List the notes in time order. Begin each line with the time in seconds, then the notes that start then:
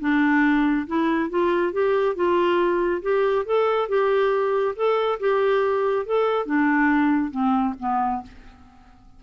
0.00 D4
0.87 E4
1.29 F4
1.72 G4
2.15 F4
3.02 G4
3.45 A4
3.89 G4
4.76 A4
5.20 G4
6.06 A4
6.46 D4
7.31 C4
7.80 B3